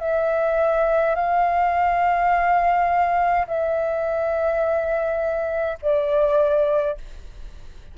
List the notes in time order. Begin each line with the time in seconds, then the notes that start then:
0.00 E5
1.15 F5
3.47 E5
5.82 D5